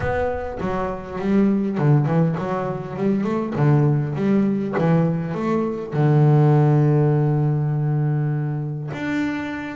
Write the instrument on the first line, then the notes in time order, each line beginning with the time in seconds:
double bass
0.00 B3
0.60 F#3
1.19 G3
1.78 D3
2.05 E3
2.38 F#3
2.96 G3
3.23 A3
3.55 D3
4.15 G3
4.78 E3
5.34 A3
5.93 D3
8.93 D4